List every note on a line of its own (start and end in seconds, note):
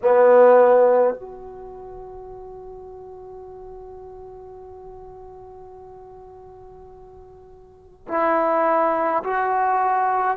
0.02 1.14 B3
1.14 8.06 F#4
8.08 9.23 E4
9.23 10.37 F#4